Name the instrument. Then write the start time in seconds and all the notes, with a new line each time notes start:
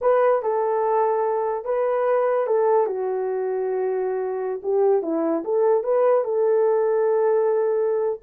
horn
0.01 B4
0.42 A4
1.65 B4
2.46 A4
2.86 F#4
4.62 G4
5.02 E4
5.44 A4
5.83 B4
6.24 A4